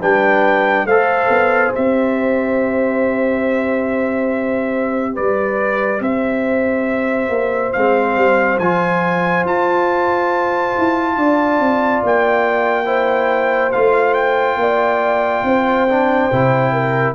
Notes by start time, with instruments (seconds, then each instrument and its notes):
0.00 tuba G3, trombone D4, horn B4, trumpet G5
0.85 tuba A3, trombone A4, horn C5, trumpet F5
1.29 tuba B3
1.74 tuba C4, trombone G4, trumpet E5
5.14 tuba G3, horn B4, trumpet D5
6.00 tuba C4, horn C5, trumpet E5
7.29 tuba A#3
7.72 tuba G#3, trombone C4, trumpet F5
8.16 tuba G3
8.58 tuba F3, trombone F4, trumpet G#5
9.44 tuba F4, trumpet A5
10.78 tuba E4
11.16 tuba D4, horn D5
11.59 tuba C4
12.03 tuba A#3, trumpet G5
12.85 trombone E4, horn C5
13.72 tuba A3, trombone F4, trumpet F5
14.14 trumpet G5
14.56 tuba A#3, horn D5
15.43 tuba C4, horn C5
15.88 trombone D4
16.32 tuba C3, trombone E4
16.72 horn A#4